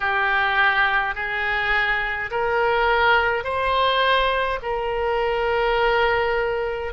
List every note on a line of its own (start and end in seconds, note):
0.00 1.14 G4
1.14 2.30 G#4
2.31 3.44 A#4
3.44 4.59 C5
4.62 6.93 A#4